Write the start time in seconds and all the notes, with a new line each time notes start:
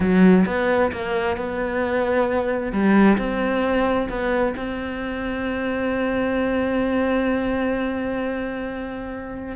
0.00 F#3
0.46 B3
0.92 A#3
1.36 B3
2.72 G3
3.18 C4
4.09 B3
4.56 C4